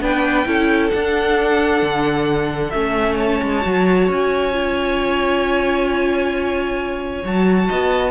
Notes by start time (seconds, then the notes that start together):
0.00 B3 D4 B4 G5
0.45 C#4 E4 A4
0.90 D4 F#5
1.82 D3
2.70 A3 C#4 E5
3.16 C#5 A5
3.42 G#3
3.61 F#3 F#4
4.08 C#4 G#5
4.52 F4
7.24 F#3 F#4 A5
7.67 B3 D#5